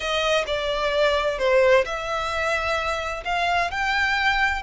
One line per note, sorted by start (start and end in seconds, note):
0.00 0.44 D#5
0.46 1.38 D5
1.38 1.84 C5
1.85 3.23 E5
3.24 3.70 F5
3.70 4.62 G5